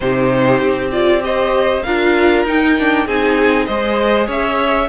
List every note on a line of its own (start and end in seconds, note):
0.00 0.60 C3
0.00 0.91 D#4
0.00 1.24 G4
0.00 0.90 C5
0.60 1.83 C4
0.91 1.20 F4
0.91 1.22 D5
1.20 1.81 G4
1.20 1.85 C5
1.20 1.82 D#5
1.82 2.44 D4
1.82 2.46 F4
1.82 3.05 A#4
1.82 2.44 F5
2.44 3.05 D#4
2.44 2.77 D#4
2.44 3.07 G5
2.78 3.07 D4
3.05 3.67 C4
3.05 3.68 D#4
3.05 3.66 G#4
3.05 3.65 G#5
3.65 4.27 G#3
3.65 4.88 G#4
3.65 4.27 C5
3.65 4.27 D#5
4.27 4.88 C#4
4.27 4.88 C#5
4.27 4.88 E5